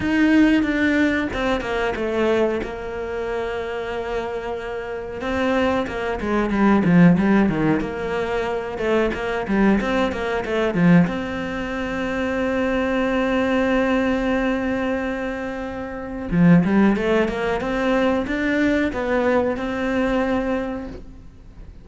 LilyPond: \new Staff \with { instrumentName = "cello" } { \time 4/4 \tempo 4 = 92 dis'4 d'4 c'8 ais8 a4 | ais1 | c'4 ais8 gis8 g8 f8 g8 dis8 | ais4. a8 ais8 g8 c'8 ais8 |
a8 f8 c'2.~ | c'1~ | c'4 f8 g8 a8 ais8 c'4 | d'4 b4 c'2 | }